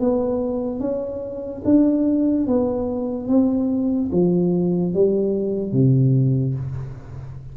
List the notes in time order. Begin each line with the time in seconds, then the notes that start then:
0.00 B3
0.80 C#4
1.65 D4
2.47 B3
3.28 C4
4.12 F3
4.94 G3
5.72 C3